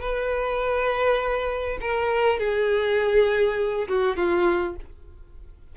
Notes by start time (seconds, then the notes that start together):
0.00 B4
1.81 A#4
2.39 G#4
3.88 F#4
4.16 F4